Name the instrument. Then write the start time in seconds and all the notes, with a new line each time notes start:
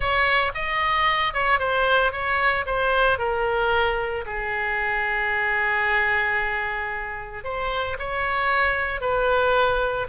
oboe
0.00 C#5
0.54 D#5
1.33 C#5
1.59 C5
2.12 C#5
2.66 C5
3.18 A#4
4.26 G#4
7.44 C5
7.98 C#5
9.00 B4